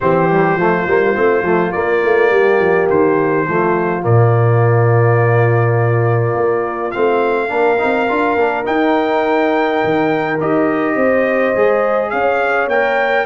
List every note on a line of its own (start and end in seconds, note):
0.00 0.56 E3
0.00 0.29 C4
0.00 0.58 G4
0.00 1.72 C5
0.29 0.58 G3
0.56 0.85 F3
0.56 0.87 A3
0.56 2.31 F4
0.87 1.16 G3
0.87 1.14 A#3
1.14 1.42 A3
1.14 1.43 C4
1.42 1.70 F3
1.42 1.72 A3
1.72 3.45 A#3
1.72 2.03 A#3
1.72 2.87 D5
2.03 2.30 A3
2.30 2.59 G3
2.30 3.47 G4
2.59 2.88 F3
2.89 3.47 D#3
2.89 4.03 C5
3.47 4.04 F3
3.47 4.02 A3
3.47 7.49 F4
4.02 6.34 A#2
4.02 6.90 A#3
4.02 6.91 D5
6.34 6.92 A#3
6.91 7.50 A3
6.91 7.48 C4
6.91 8.64 F5
7.48 7.79 A#3
7.48 7.77 D4
7.48 10.95 A#4
7.78 8.09 C4
7.78 8.07 D#4
8.09 8.35 D4
8.09 8.37 F4
8.35 8.64 A#3
8.35 8.64 D4
8.64 10.37 D#4
8.64 9.82 D#4
8.64 10.39 G5
9.84 10.40 D#3
10.40 10.95 D#4
10.40 11.55 G4
10.40 12.09 D#5
10.95 11.53 C4
10.95 12.11 C5
11.55 12.12 G#3
11.55 12.70 G#4
12.09 12.67 C#4
12.09 13.25 C#5
12.09 12.67 F5
12.67 13.25 A#3
12.67 13.25 A#4
12.67 13.25 G5